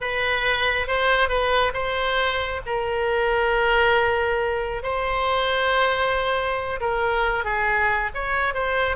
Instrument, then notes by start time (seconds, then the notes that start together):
oboe
0.00 B4
0.87 C5
1.28 B4
1.73 C5
2.66 A#4
4.82 C5
6.80 A#4
7.44 G#4
8.14 C#5
8.54 C5